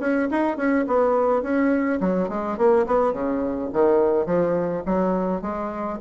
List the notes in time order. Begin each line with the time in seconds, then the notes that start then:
0.00 C#4
0.31 D#4
0.57 C#4
0.88 B3
1.43 C#4
2.01 F#3
2.29 G#3
2.58 A#3
2.87 B3
3.13 C#3
3.73 D#3
4.26 F3
4.86 F#3
5.42 G#3